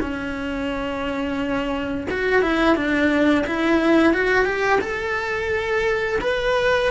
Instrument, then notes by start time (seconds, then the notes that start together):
cello
0.00 C#4
2.10 F#4
2.41 E4
2.76 D4
3.46 E4
4.13 F#4
4.45 G4
4.81 A4
6.21 B4